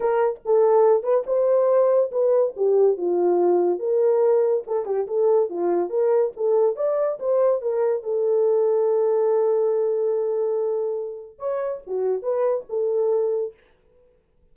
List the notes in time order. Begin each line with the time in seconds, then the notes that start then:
0.00 A#4
0.45 A4
1.03 B4
1.26 C5
2.11 B4
2.56 G4
2.97 F4
3.79 A#4
4.66 A4
4.85 G4
5.07 A4
5.49 F4
5.89 A#4
6.36 A4
6.76 D5
7.19 C5
7.61 A#4
8.03 A4
11.39 C#5
11.86 F#4
12.22 B4
12.69 A4